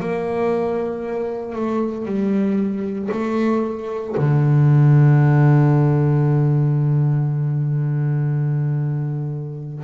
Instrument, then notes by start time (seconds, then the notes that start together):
double bass
0.00 A#3
1.55 A3
2.05 G3
3.12 A3
4.18 D3